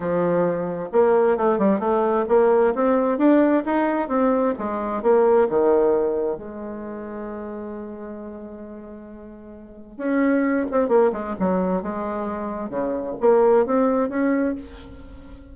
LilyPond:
\new Staff \with { instrumentName = "bassoon" } { \time 4/4 \tempo 4 = 132 f2 ais4 a8 g8 | a4 ais4 c'4 d'4 | dis'4 c'4 gis4 ais4 | dis2 gis2~ |
gis1~ | gis2 cis'4. c'8 | ais8 gis8 fis4 gis2 | cis4 ais4 c'4 cis'4 | }